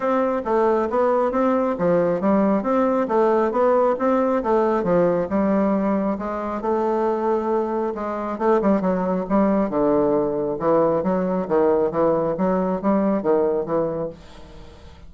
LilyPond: \new Staff \with { instrumentName = "bassoon" } { \time 4/4 \tempo 4 = 136 c'4 a4 b4 c'4 | f4 g4 c'4 a4 | b4 c'4 a4 f4 | g2 gis4 a4~ |
a2 gis4 a8 g8 | fis4 g4 d2 | e4 fis4 dis4 e4 | fis4 g4 dis4 e4 | }